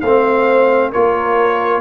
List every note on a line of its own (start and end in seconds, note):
0.00 0.93 A3
0.00 0.93 C4
0.00 0.90 C5
0.00 0.91 F5
0.90 1.80 A#3
0.90 1.80 F4
0.90 1.80 A#4
0.90 1.80 C#5